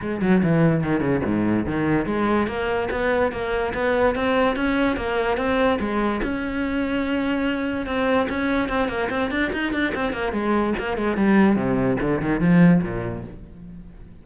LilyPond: \new Staff \with { instrumentName = "cello" } { \time 4/4 \tempo 4 = 145 gis8 fis8 e4 dis8 cis8 gis,4 | dis4 gis4 ais4 b4 | ais4 b4 c'4 cis'4 | ais4 c'4 gis4 cis'4~ |
cis'2. c'4 | cis'4 c'8 ais8 c'8 d'8 dis'8 d'8 | c'8 ais8 gis4 ais8 gis8 g4 | c4 d8 dis8 f4 ais,4 | }